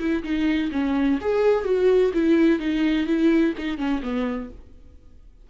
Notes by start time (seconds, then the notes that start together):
0.00 E4
0.24 D#4
0.72 C#4
1.22 G#4
1.65 F#4
2.14 E4
2.60 D#4
3.07 E4
3.58 D#4
3.78 C#4
4.03 B3